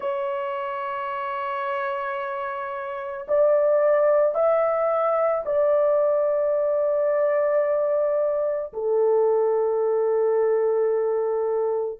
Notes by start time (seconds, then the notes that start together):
0.00 C#5
3.28 D5
4.34 E5
5.45 D5
8.73 A4